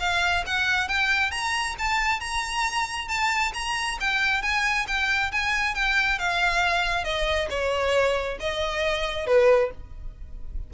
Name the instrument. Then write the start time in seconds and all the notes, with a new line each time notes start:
violin
0.00 F5
0.46 F#5
0.88 G5
1.31 A#5
1.78 A5
2.20 A#5
3.08 A5
3.54 A#5
4.00 G5
4.42 G#5
4.87 G5
5.32 G#5
5.75 G5
6.19 F5
7.04 D#5
7.50 C#5
8.40 D#5
9.27 B4